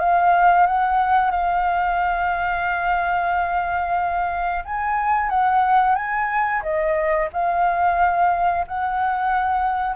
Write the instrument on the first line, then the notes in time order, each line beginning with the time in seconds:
flute
0.00 F5
0.67 F#5
1.31 F5
4.65 G#5
5.30 F#5
5.96 G#5
6.63 D#5
7.33 F5
8.68 F#5